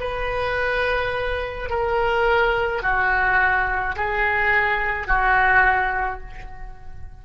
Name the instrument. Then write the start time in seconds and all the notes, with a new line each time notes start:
oboe
0.00 B4
1.69 A#4
2.82 F#4
3.96 G#4
5.06 F#4